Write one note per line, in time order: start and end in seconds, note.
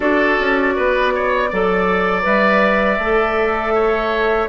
0.00 0.37 D4
0.00 1.48 F#4
0.00 0.74 A4
0.00 2.22 D5
0.39 0.77 C#4
0.75 1.51 B3
0.75 1.13 B4
1.14 1.50 C#5
1.50 2.25 F#3
1.50 2.22 A4
1.50 3.74 D5
2.22 2.98 G3
2.22 2.97 B4
2.22 4.48 E5
2.98 4.48 A3
2.98 4.48 A4
3.74 4.48 C#5